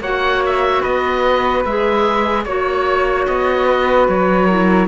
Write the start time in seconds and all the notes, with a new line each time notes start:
0.00 A#3 F#4 C#5 F#5
0.46 E5
0.81 B3 B4 D#5
1.65 G#3 G#4 E5
2.44 A#3 F#4 C#5
3.27 B3 D#5
3.66 B4
4.08 F#3 C#5
4.46 E4 A#4